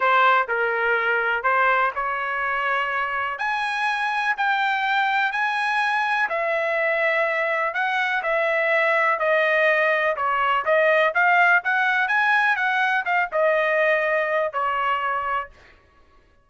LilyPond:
\new Staff \with { instrumentName = "trumpet" } { \time 4/4 \tempo 4 = 124 c''4 ais'2 c''4 | cis''2. gis''4~ | gis''4 g''2 gis''4~ | gis''4 e''2. |
fis''4 e''2 dis''4~ | dis''4 cis''4 dis''4 f''4 | fis''4 gis''4 fis''4 f''8 dis''8~ | dis''2 cis''2 | }